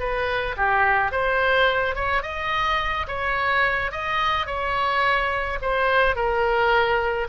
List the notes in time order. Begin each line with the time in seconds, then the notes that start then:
0.00 B4
0.57 G4
1.12 C5
1.96 C#5
2.23 D#5
3.08 C#5
3.92 D#5
4.47 C#5
5.62 C5
6.16 A#4